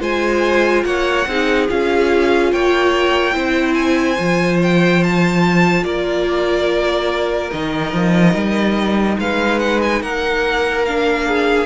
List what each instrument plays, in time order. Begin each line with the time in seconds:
0.00 cello G#3, viola F4, violin C5 G#5
0.84 cello A#3, violin C#5 F#5
1.27 cello C4, viola D#4, violin G#4
1.69 cello C#4, viola F4, violin F5
2.53 cello A#3, violin C#5 G5
3.33 cello C4, viola E4, violin C5
3.74 violin G#5
4.18 cello F3, viola F4
4.63 violin G5
5.03 violin A5
5.84 cello A#3, violin A#4 D5
7.51 cello D#3, viola D#4, violin D#5
7.93 cello F3
8.34 cello G3
9.19 cello G#3, violin B4 F5
9.60 violin F#5
9.82 violin G#5
10.02 cello A#3, violin A#4 F#5
10.86 viola D4, violin F5
11.28 violin G#4